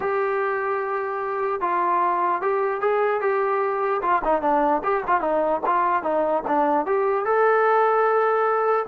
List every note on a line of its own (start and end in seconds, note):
0.00 1.61 G4
1.61 2.41 F4
2.41 2.80 G4
2.80 3.20 G#4
3.20 4.01 G4
4.02 4.22 F4
4.24 4.41 D#4
4.41 4.82 D4
4.83 5.03 G4
5.07 5.21 F4
5.21 5.61 D#4
5.65 6.03 F4
6.03 6.43 D#4
6.47 6.85 D4
6.85 7.25 G4
7.25 8.86 A4